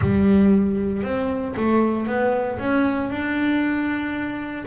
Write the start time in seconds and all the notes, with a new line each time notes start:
0.01 G3
1.02 C4
1.56 A3
2.06 B3
2.58 C#4
3.09 D4